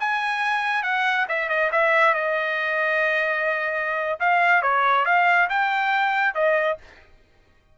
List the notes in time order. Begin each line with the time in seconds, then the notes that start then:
0.00 G#5
0.83 F#5
1.29 E5
1.49 D#5
1.72 E5
2.15 D#5
4.20 F5
4.63 C#5
5.06 F5
5.50 G5
6.35 D#5